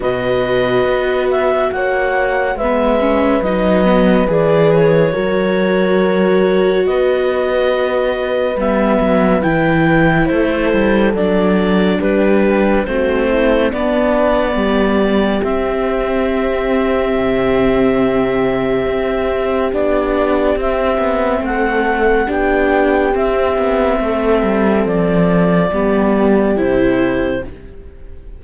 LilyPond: <<
  \new Staff \with { instrumentName = "clarinet" } { \time 4/4 \tempo 4 = 70 dis''4. e''8 fis''4 e''4 | dis''4 d''8 cis''2~ cis''8 | dis''2 e''4 g''4 | c''4 d''4 b'4 c''4 |
d''2 e''2~ | e''2. d''4 | e''4 fis''4 g''4 e''4~ | e''4 d''2 c''4 | }
  \new Staff \with { instrumentName = "horn" } { \time 4/4 b'2 cis''4 b'4~ | b'2 ais'2 | b'1 | a'2 g'4 fis'8 e'8 |
d'4 g'2.~ | g'1~ | g'4 a'4 g'2 | a'2 g'2 | }
  \new Staff \with { instrumentName = "viola" } { \time 4/4 fis'2. b8 cis'8 | dis'8 b8 gis'4 fis'2~ | fis'2 b4 e'4~ | e'4 d'2 c'4 |
b2 c'2~ | c'2. d'4 | c'2 d'4 c'4~ | c'2 b4 e'4 | }
  \new Staff \with { instrumentName = "cello" } { \time 4/4 b,4 b4 ais4 gis4 | fis4 e4 fis2 | b2 g8 fis8 e4 | a8 g8 fis4 g4 a4 |
b4 g4 c'2 | c2 c'4 b4 | c'8 b8 a4 b4 c'8 b8 | a8 g8 f4 g4 c4 | }
>>